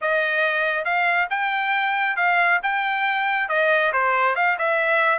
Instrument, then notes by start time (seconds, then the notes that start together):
trumpet
0.01 D#5
0.84 F5
1.30 G5
2.16 F5
2.62 G5
3.48 D#5
3.92 C5
4.35 F5
4.58 E5